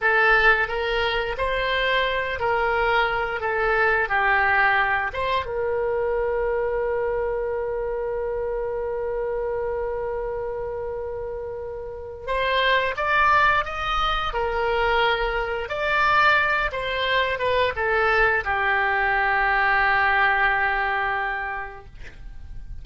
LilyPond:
\new Staff \with { instrumentName = "oboe" } { \time 4/4 \tempo 4 = 88 a'4 ais'4 c''4. ais'8~ | ais'4 a'4 g'4. c''8 | ais'1~ | ais'1~ |
ais'2 c''4 d''4 | dis''4 ais'2 d''4~ | d''8 c''4 b'8 a'4 g'4~ | g'1 | }